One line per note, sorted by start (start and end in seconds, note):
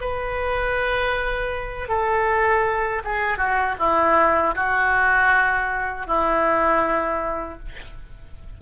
0.00 1.88 B4
1.88 3.02 A4
3.04 3.37 G#4
3.37 3.75 F#4
3.79 4.55 E4
4.55 6.07 F#4
6.07 7.58 E4